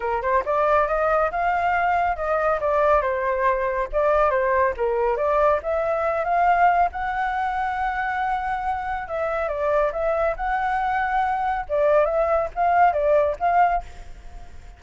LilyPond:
\new Staff \with { instrumentName = "flute" } { \time 4/4 \tempo 4 = 139 ais'8 c''8 d''4 dis''4 f''4~ | f''4 dis''4 d''4 c''4~ | c''4 d''4 c''4 ais'4 | d''4 e''4. f''4. |
fis''1~ | fis''4 e''4 d''4 e''4 | fis''2. d''4 | e''4 f''4 d''4 f''4 | }